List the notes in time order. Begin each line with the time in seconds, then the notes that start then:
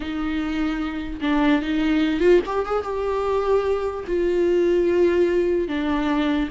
0.00 D#4
1.21 D4
1.61 D#4
2.19 F4
2.46 G4
2.65 G#4
2.83 G4
4.07 F4
5.68 D4